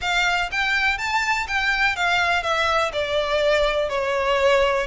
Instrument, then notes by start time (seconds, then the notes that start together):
violin
0.01 F5
0.51 G5
0.98 A5
1.47 G5
1.96 F5
2.42 E5
2.92 D5
3.89 C#5